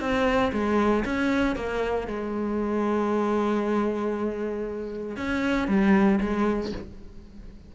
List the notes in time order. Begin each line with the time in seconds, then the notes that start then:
0.00 C4
0.52 G#3
1.05 C#4
1.56 A#3
2.07 G#3
5.17 C#4
5.68 G3
6.20 G#3